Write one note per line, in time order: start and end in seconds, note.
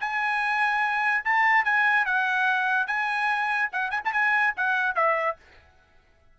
0.00 1.24 G#5
1.24 1.64 A5
1.64 2.05 G#5
2.05 2.87 F#5
2.87 3.70 G#5
3.72 3.90 F#5
3.90 4.01 G#5
4.04 4.12 A5
4.12 4.54 G#5
4.56 4.95 F#5
4.95 5.37 E5